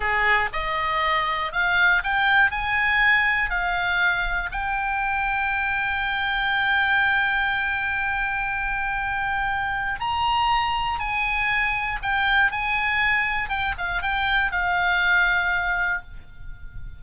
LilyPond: \new Staff \with { instrumentName = "oboe" } { \time 4/4 \tempo 4 = 120 gis'4 dis''2 f''4 | g''4 gis''2 f''4~ | f''4 g''2.~ | g''1~ |
g''1 | ais''2 gis''2 | g''4 gis''2 g''8 f''8 | g''4 f''2. | }